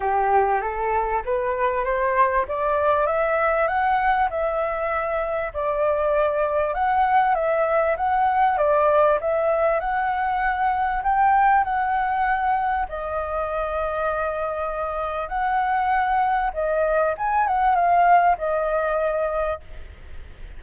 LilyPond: \new Staff \with { instrumentName = "flute" } { \time 4/4 \tempo 4 = 98 g'4 a'4 b'4 c''4 | d''4 e''4 fis''4 e''4~ | e''4 d''2 fis''4 | e''4 fis''4 d''4 e''4 |
fis''2 g''4 fis''4~ | fis''4 dis''2.~ | dis''4 fis''2 dis''4 | gis''8 fis''8 f''4 dis''2 | }